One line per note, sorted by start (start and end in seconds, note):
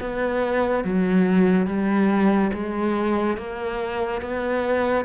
0.00 0.84 B3
0.84 1.66 F#3
1.66 2.51 G3
2.53 3.36 G#3
3.36 4.21 A#3
4.21 5.05 B3